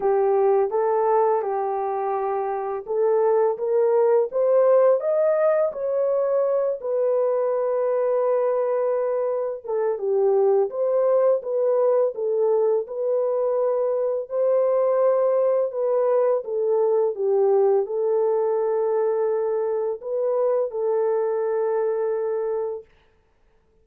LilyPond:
\new Staff \with { instrumentName = "horn" } { \time 4/4 \tempo 4 = 84 g'4 a'4 g'2 | a'4 ais'4 c''4 dis''4 | cis''4. b'2~ b'8~ | b'4. a'8 g'4 c''4 |
b'4 a'4 b'2 | c''2 b'4 a'4 | g'4 a'2. | b'4 a'2. | }